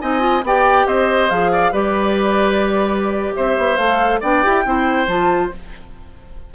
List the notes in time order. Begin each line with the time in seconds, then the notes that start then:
0.00 C4 D#4 D#5 G#5
0.19 F4
0.42 B3 G4 D5 G5
0.86 C4 C5 D#5
1.30 F3 G#4 F5
1.52 D5
1.71 G3 G4 B4 D5
3.35 C4 C5 E5
3.57 B3
3.76 A3 A4 F5
4.20 B3 D4 D5 G5
4.43 E4 G4
4.65 C4 E4 C5
5.07 F3 F4 A5